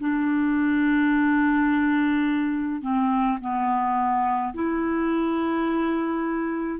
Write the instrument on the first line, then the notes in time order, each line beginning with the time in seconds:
clarinet
0.00 D4
2.82 C4
3.41 B3
4.54 E4